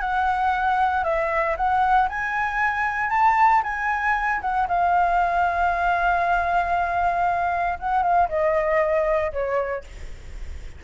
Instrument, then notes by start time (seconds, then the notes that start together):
flute
0.00 F#5
1.04 E5
1.56 F#5
2.09 G#5
3.10 A5
3.63 G#5
4.41 F#5
4.68 F5
7.79 F#5
8.02 F5
8.28 D#5
9.32 C#5